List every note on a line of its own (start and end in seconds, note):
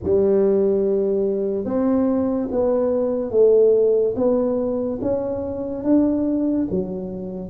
0.03 1.64 G3
1.64 2.48 C4
2.51 3.31 B3
3.31 4.14 A3
4.16 4.99 B3
5.02 5.83 C#4
5.83 6.67 D4
6.70 7.49 F#3